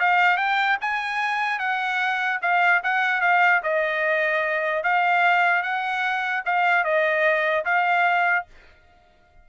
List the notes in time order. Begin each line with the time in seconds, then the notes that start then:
0.00 F5
0.37 G5
0.81 G#5
1.59 F#5
2.42 F5
2.84 F#5
3.22 F5
3.64 D#5
4.84 F5
5.63 F#5
6.46 F5
6.85 D#5
7.65 F5